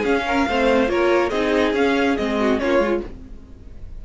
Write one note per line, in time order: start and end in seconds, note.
0.00 0.46 C#4
0.00 0.48 C#4
0.00 0.21 G#4
0.00 0.90 F5
0.27 0.48 A#4
0.48 0.89 A3
0.48 0.87 C4
0.48 0.91 C5
0.87 1.31 A#3
0.87 1.30 F4
0.87 1.30 A#4
0.87 1.30 C#5
1.30 1.73 C4
1.30 1.75 D#4
1.30 2.37 G#4
1.30 1.73 D#5
1.73 2.16 C#4
1.73 2.18 C#4
1.73 2.17 F5
2.17 2.62 G#3
2.17 2.60 C4
2.17 2.59 D#5
2.40 2.61 F#4
2.59 2.80 A#3
2.59 2.81 C#4
2.59 3.06 F4
2.59 3.02 C#5
2.80 3.01 G#3
2.80 3.03 F4